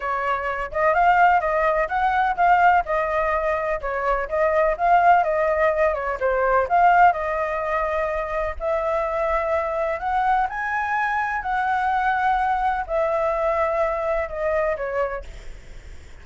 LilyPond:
\new Staff \with { instrumentName = "flute" } { \time 4/4 \tempo 4 = 126 cis''4. dis''8 f''4 dis''4 | fis''4 f''4 dis''2 | cis''4 dis''4 f''4 dis''4~ | dis''8 cis''8 c''4 f''4 dis''4~ |
dis''2 e''2~ | e''4 fis''4 gis''2 | fis''2. e''4~ | e''2 dis''4 cis''4 | }